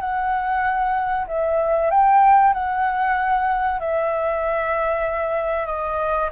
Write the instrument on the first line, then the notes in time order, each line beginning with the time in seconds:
flute
0.00 F#5
1.27 E5
1.90 G5
2.53 F#5
3.80 E5
5.66 D#5